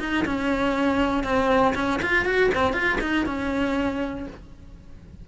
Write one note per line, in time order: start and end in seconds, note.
0.00 0.25 D#4
0.26 1.24 C#4
1.24 1.74 C4
1.75 2.01 C#4
2.03 2.26 F4
2.26 2.51 F#4
2.55 2.74 C4
2.74 2.99 F4
3.01 3.26 D#4
3.26 4.27 C#4